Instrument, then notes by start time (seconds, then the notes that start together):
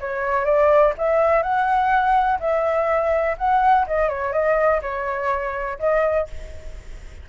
flute
0.00 C#5
0.45 D5
0.98 E5
1.42 F#5
2.40 E5
3.37 F#5
3.87 D#5
4.08 C#5
4.32 D#5
4.81 C#5
5.79 D#5